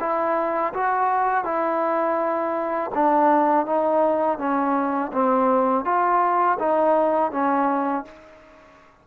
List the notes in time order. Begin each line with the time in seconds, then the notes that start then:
0.00 E4
0.74 F#4
1.45 E4
2.95 D4
3.66 D#4
4.38 C#4
5.13 C4
5.85 F4
6.59 D#4
7.32 C#4